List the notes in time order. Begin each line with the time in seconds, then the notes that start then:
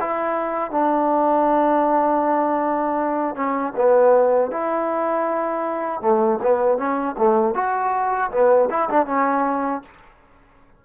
0.00 E4
0.70 D4
3.35 C#4
3.76 B3
4.51 E4
6.01 A3
6.42 B3
6.77 C#4
7.18 A3
7.54 F#4
8.31 B3
8.70 E4
8.90 D4
9.06 C#4